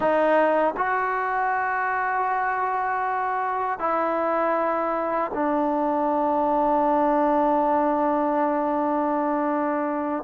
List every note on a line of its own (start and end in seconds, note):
0.00 0.74 D#4
0.76 3.79 F#4
3.79 5.31 E4
5.34 10.24 D4